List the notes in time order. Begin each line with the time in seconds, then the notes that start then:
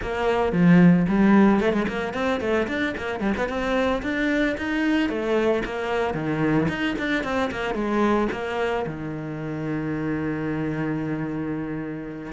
0.01 A#3
0.52 F3
1.08 G3
1.60 A3
1.72 G#3
1.87 A#3
2.13 C4
2.40 A3
2.67 D4
2.97 A#3
3.20 G3
3.37 B3
3.48 C4
4.02 D4
4.57 D#4
5.09 A3
5.65 A#3
6.13 D#3
6.68 D#4
6.98 D4
7.23 C4
7.51 A#3
7.74 G#3
8.32 A#3
8.86 D#3